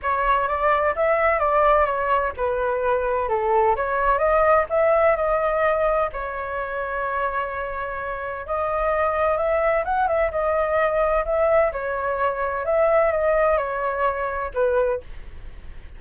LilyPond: \new Staff \with { instrumentName = "flute" } { \time 4/4 \tempo 4 = 128 cis''4 d''4 e''4 d''4 | cis''4 b'2 a'4 | cis''4 dis''4 e''4 dis''4~ | dis''4 cis''2.~ |
cis''2 dis''2 | e''4 fis''8 e''8 dis''2 | e''4 cis''2 e''4 | dis''4 cis''2 b'4 | }